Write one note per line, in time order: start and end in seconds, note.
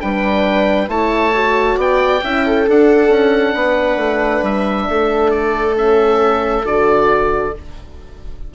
0.00 0.88 G3
0.00 0.88 D4
0.00 0.89 B4
0.00 0.89 G5
0.88 1.76 A3
0.88 1.32 E4
0.88 1.77 C#5
0.88 1.78 A5
1.34 2.22 F#4
1.77 2.21 B3
1.77 2.21 D5
1.77 2.69 G5
2.23 2.67 C#4
2.23 2.67 E4
2.23 2.45 E5
2.45 3.54 A4
2.68 5.76 D4
2.68 3.09 D4
2.68 4.44 F#5
3.09 3.53 C#4
3.54 3.96 B3
3.54 4.86 B4
3.96 4.40 A3
4.42 4.86 G3
4.42 5.30 E5
4.89 6.64 A3
4.89 7.53 A4
5.30 5.74 D5
5.76 6.64 C#4
5.76 6.66 E5
6.64 7.52 D3
6.64 7.53 F#4
6.64 7.54 D5